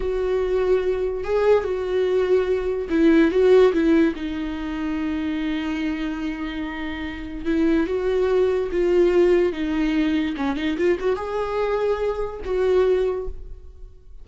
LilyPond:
\new Staff \with { instrumentName = "viola" } { \time 4/4 \tempo 4 = 145 fis'2. gis'4 | fis'2. e'4 | fis'4 e'4 dis'2~ | dis'1~ |
dis'2 e'4 fis'4~ | fis'4 f'2 dis'4~ | dis'4 cis'8 dis'8 f'8 fis'8 gis'4~ | gis'2 fis'2 | }